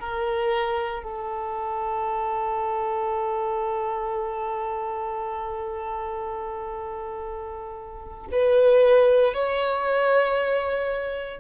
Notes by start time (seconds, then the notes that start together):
0.00 A#4
1.03 A4
8.32 B4
9.34 C#5